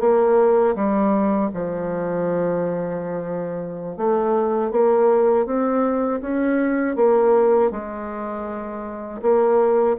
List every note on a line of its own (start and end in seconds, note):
0.00 0.75 A#3
0.75 1.50 G3
1.54 3.97 F3
3.97 4.71 A3
4.71 5.46 A#3
5.46 6.21 C4
6.21 6.96 C#4
6.96 7.71 A#3
7.71 9.21 G#3
9.22 9.97 A#3